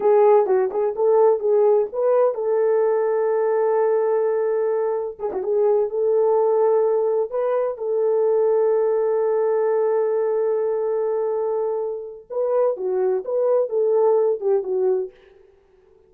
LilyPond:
\new Staff \with { instrumentName = "horn" } { \time 4/4 \tempo 4 = 127 gis'4 fis'8 gis'8 a'4 gis'4 | b'4 a'2.~ | a'2. gis'16 fis'16 gis'8~ | gis'8 a'2. b'8~ |
b'8 a'2.~ a'8~ | a'1~ | a'2 b'4 fis'4 | b'4 a'4. g'8 fis'4 | }